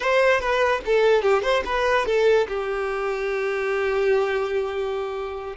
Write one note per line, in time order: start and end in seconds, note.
0.00 0.40 C5
0.40 0.81 B4
0.85 1.21 A4
1.21 1.42 G4
1.42 1.63 C5
1.65 2.06 B4
2.06 2.47 A4
2.48 5.56 G4